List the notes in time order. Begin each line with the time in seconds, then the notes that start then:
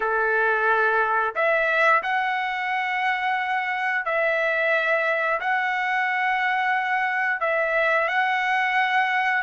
0.00 A4
1.35 E5
2.03 F#5
4.04 E5
5.40 F#5
7.40 E5
8.08 F#5